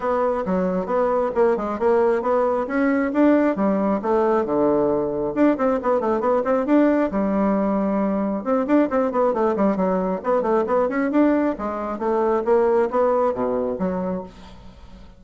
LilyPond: \new Staff \with { instrumentName = "bassoon" } { \time 4/4 \tempo 4 = 135 b4 fis4 b4 ais8 gis8 | ais4 b4 cis'4 d'4 | g4 a4 d2 | d'8 c'8 b8 a8 b8 c'8 d'4 |
g2. c'8 d'8 | c'8 b8 a8 g8 fis4 b8 a8 | b8 cis'8 d'4 gis4 a4 | ais4 b4 b,4 fis4 | }